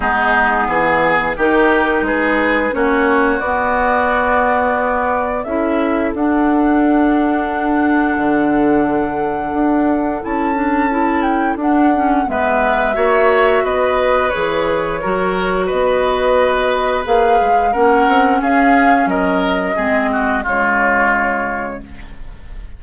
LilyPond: <<
  \new Staff \with { instrumentName = "flute" } { \time 4/4 \tempo 4 = 88 gis'2 ais'4 b'4 | cis''4 d''2. | e''4 fis''2.~ | fis''2. a''4~ |
a''8 g''8 fis''4 e''2 | dis''4 cis''2 dis''4~ | dis''4 f''4 fis''4 f''4 | dis''2 cis''2 | }
  \new Staff \with { instrumentName = "oboe" } { \time 4/4 dis'4 gis'4 g'4 gis'4 | fis'1 | a'1~ | a'1~ |
a'2 b'4 cis''4 | b'2 ais'4 b'4~ | b'2 ais'4 gis'4 | ais'4 gis'8 fis'8 f'2 | }
  \new Staff \with { instrumentName = "clarinet" } { \time 4/4 b2 dis'2 | cis'4 b2. | e'4 d'2.~ | d'2. e'8 d'8 |
e'4 d'8 cis'8 b4 fis'4~ | fis'4 gis'4 fis'2~ | fis'4 gis'4 cis'2~ | cis'4 c'4 gis2 | }
  \new Staff \with { instrumentName = "bassoon" } { \time 4/4 gis4 e4 dis4 gis4 | ais4 b2. | cis'4 d'2. | d2 d'4 cis'4~ |
cis'4 d'4 gis4 ais4 | b4 e4 fis4 b4~ | b4 ais8 gis8 ais8 c'8 cis'4 | fis4 gis4 cis2 | }
>>